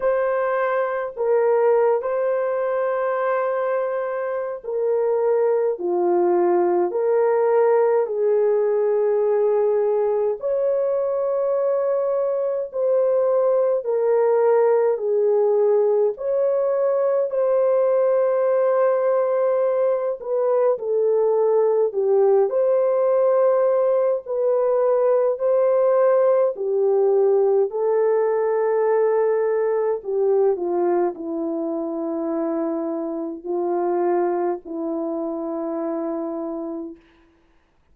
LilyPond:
\new Staff \with { instrumentName = "horn" } { \time 4/4 \tempo 4 = 52 c''4 ais'8. c''2~ c''16 | ais'4 f'4 ais'4 gis'4~ | gis'4 cis''2 c''4 | ais'4 gis'4 cis''4 c''4~ |
c''4. b'8 a'4 g'8 c''8~ | c''4 b'4 c''4 g'4 | a'2 g'8 f'8 e'4~ | e'4 f'4 e'2 | }